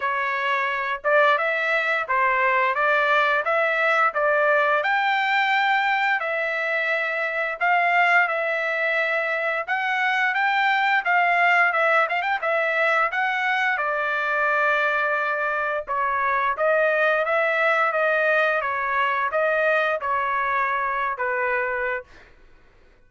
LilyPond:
\new Staff \with { instrumentName = "trumpet" } { \time 4/4 \tempo 4 = 87 cis''4. d''8 e''4 c''4 | d''4 e''4 d''4 g''4~ | g''4 e''2 f''4 | e''2 fis''4 g''4 |
f''4 e''8 f''16 g''16 e''4 fis''4 | d''2. cis''4 | dis''4 e''4 dis''4 cis''4 | dis''4 cis''4.~ cis''16 b'4~ b'16 | }